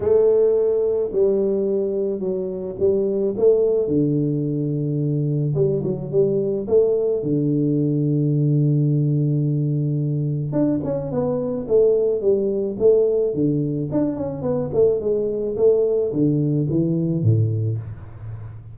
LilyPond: \new Staff \with { instrumentName = "tuba" } { \time 4/4 \tempo 4 = 108 a2 g2 | fis4 g4 a4 d4~ | d2 g8 fis8 g4 | a4 d2.~ |
d2. d'8 cis'8 | b4 a4 g4 a4 | d4 d'8 cis'8 b8 a8 gis4 | a4 d4 e4 a,4 | }